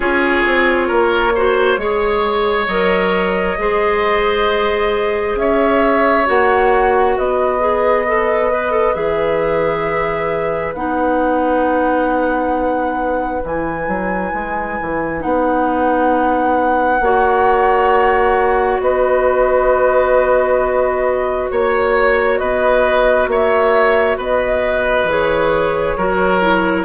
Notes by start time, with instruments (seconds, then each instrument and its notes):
0.00 bassoon C#4, clarinet F4, oboe G#4, flute C#5
0.46 bassoon C4
0.87 bassoon A#3, oboe A#4
1.35 clarinet F#4, oboe C5
1.77 bassoon G#3, clarinet G#4, oboe C#5
2.67 bassoon F#3, clarinet A#4, flute D#5
3.57 bassoon G#3, clarinet G#4, oboe C5
5.35 bassoon C#4, oboe C#5, flute E5
6.26 bassoon A#3, clarinet F#4, flute F#5
7.16 bassoon B3, oboe B4, flute D#5
7.59 clarinet G#4
8.07 clarinet A4
8.51 clarinet B4
8.71 clarinet A4
8.94 bassoon E3, clarinet G#4, flute E5
10.74 bassoon B3, clarinet D#4, flute F#5
13.41 bassoon E3, clarinet E4, flute G#5
13.87 bassoon F#3
14.33 bassoon G#3
14.81 bassoon E3
15.19 bassoon B3, clarinet D#4, flute F#5
17.00 bassoon A#3, clarinet F#4, oboe C#5
18.80 bassoon B3, oboe B4, flute D#5
21.51 bassoon A#3, flute C#5, oboe C#5
22.37 bassoon B3, oboe B4, flute D#5
23.27 bassoon A#3, oboe C#5, flute E5
24.17 bassoon B3, oboe B4, flute D#5
25.04 bassoon E3, clarinet G#4
25.10 flute C#5
25.97 bassoon F#3, clarinet F#4, oboe A#4
26.41 clarinet E4